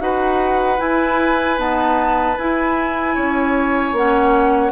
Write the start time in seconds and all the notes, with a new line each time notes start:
0.00 D#4 F#4 B4 F#5
0.78 E4 G#5
1.58 B3 D#4 A5
2.38 E4 G#5
3.15 C#4 C#5
3.93 A#3 C#4 F#5